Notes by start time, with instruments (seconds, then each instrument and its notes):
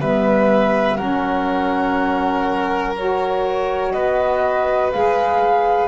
0.00 double bass G3, saxophone B3, violin B4, flute E5
0.97 double bass F#3, saxophone C#4, violin A#4, flute F#5
2.96 saxophone F#4, flute C#5
3.92 double bass B3, violin B4, flute D#5
4.92 double bass G#3, saxophone G#4, flute F5